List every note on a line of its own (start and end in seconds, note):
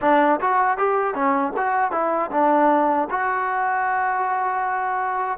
0.01 0.40 D4
0.40 0.77 F#4
0.77 1.14 G4
1.14 1.52 C#4
1.56 1.91 F#4
1.91 2.30 E4
2.31 3.08 D4
3.10 5.38 F#4